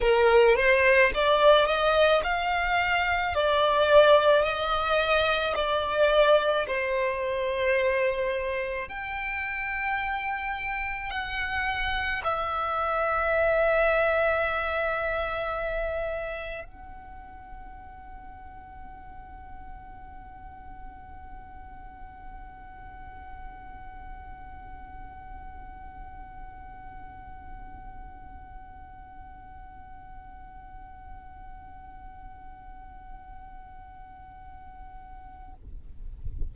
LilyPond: \new Staff \with { instrumentName = "violin" } { \time 4/4 \tempo 4 = 54 ais'8 c''8 d''8 dis''8 f''4 d''4 | dis''4 d''4 c''2 | g''2 fis''4 e''4~ | e''2. fis''4~ |
fis''1~ | fis''1~ | fis''1~ | fis''1 | }